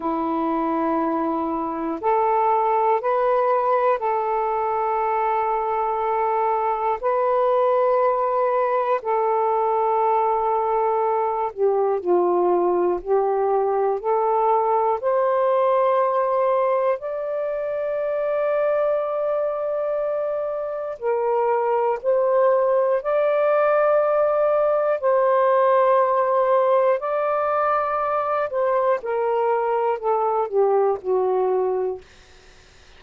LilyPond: \new Staff \with { instrumentName = "saxophone" } { \time 4/4 \tempo 4 = 60 e'2 a'4 b'4 | a'2. b'4~ | b'4 a'2~ a'8 g'8 | f'4 g'4 a'4 c''4~ |
c''4 d''2.~ | d''4 ais'4 c''4 d''4~ | d''4 c''2 d''4~ | d''8 c''8 ais'4 a'8 g'8 fis'4 | }